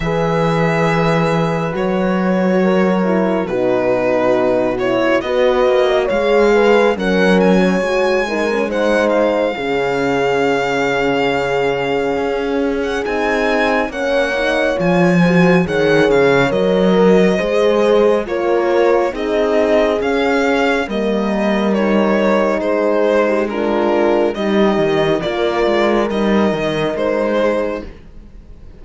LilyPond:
<<
  \new Staff \with { instrumentName = "violin" } { \time 4/4 \tempo 4 = 69 e''2 cis''2 | b'4. cis''8 dis''4 f''4 | fis''8 gis''4. fis''8 f''4.~ | f''2~ f''8. fis''16 gis''4 |
fis''4 gis''4 fis''8 f''8 dis''4~ | dis''4 cis''4 dis''4 f''4 | dis''4 cis''4 c''4 ais'4 | dis''4 d''4 dis''4 c''4 | }
  \new Staff \with { instrumentName = "horn" } { \time 4/4 b'2. ais'4 | fis'2 b'8. dis''16 cis''8 b'8 | ais'8. cis''8. ais'8 c''4 gis'4~ | gis'1 |
cis''4. c''8 cis''4. ais'8 | c''4 ais'4 gis'2 | ais'2 gis'8. g'16 f'4 | g'4 ais'2~ ais'8 gis'8 | }
  \new Staff \with { instrumentName = "horn" } { \time 4/4 gis'2 fis'4. e'8 | dis'4. e'8 fis'4 gis'4 | cis'4 fis'8 dis'16 cis'16 dis'4 cis'4~ | cis'2. dis'4 |
cis'8 dis'8 f'8 fis'8 gis'4 ais'4 | gis'4 f'4 dis'4 cis'4 | ais4 dis'2 d'4 | dis'4 f'4 dis'2 | }
  \new Staff \with { instrumentName = "cello" } { \time 4/4 e2 fis2 | b,2 b8 ais8 gis4 | fis4 gis2 cis4~ | cis2 cis'4 c'4 |
ais4 f4 dis8 cis8 fis4 | gis4 ais4 c'4 cis'4 | g2 gis2 | g8 dis8 ais8 gis8 g8 dis8 gis4 | }
>>